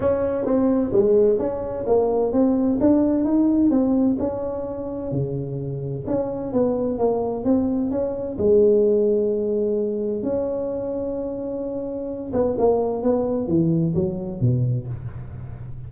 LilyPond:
\new Staff \with { instrumentName = "tuba" } { \time 4/4 \tempo 4 = 129 cis'4 c'4 gis4 cis'4 | ais4 c'4 d'4 dis'4 | c'4 cis'2 cis4~ | cis4 cis'4 b4 ais4 |
c'4 cis'4 gis2~ | gis2 cis'2~ | cis'2~ cis'8 b8 ais4 | b4 e4 fis4 b,4 | }